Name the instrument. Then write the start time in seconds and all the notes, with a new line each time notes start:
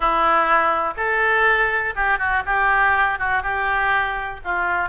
oboe
0.00 E4
0.96 A4
1.95 G4
2.18 F#4
2.45 G4
3.18 F#4
3.42 G4
4.44 F4